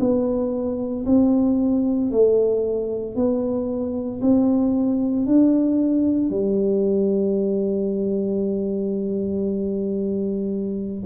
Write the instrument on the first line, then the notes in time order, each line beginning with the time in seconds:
tuba
0.00 B3
1.06 C4
2.11 A3
3.16 B3
4.22 C4
5.27 D4
6.30 G3